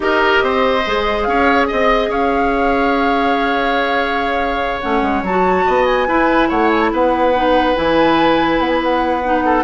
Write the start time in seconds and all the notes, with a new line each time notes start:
0.00 D#4 G4 A#4 D#5
0.42 C4 C5
0.86 G#3 G#4
1.22 C#4 C#5 F5
1.67 C4 D#5
2.08 C#4 C#5 F5
4.80 A3 C#4 F#5
5.02 G#3
5.22 F#3 A5
5.29 F#4
5.65 B3 D#5
5.85 G#5
6.07 E4 B4
6.48 A3 C#5 F#5
6.71 G#5
6.80 A5
6.92 B3 B4 F#5
7.35 D#4
7.75 E3 E4 G#5
8.59 B3 F#5
8.68 G#5
8.83 F#5
9.24 D#4
9.45 A4